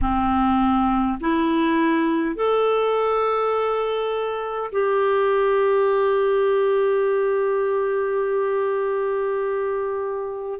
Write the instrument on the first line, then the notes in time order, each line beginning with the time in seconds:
clarinet
0.01 C4
1.20 E4
2.35 A4
4.72 G4